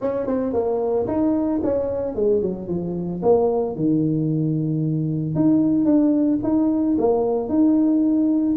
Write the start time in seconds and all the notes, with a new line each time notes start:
0.01 C#4
0.26 C4
0.53 A#3
1.07 D#4
1.63 C#4
2.15 G#3
2.41 F#3
2.68 F3
3.22 A#3
3.75 D#3
5.35 D#4
5.85 D4
6.43 D#4
6.98 A#3
7.49 D#4